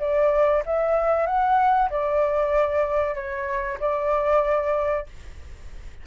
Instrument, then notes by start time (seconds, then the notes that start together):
flute
0.00 D5
0.66 E5
1.27 F#5
1.91 D5
3.15 C#5
3.80 D5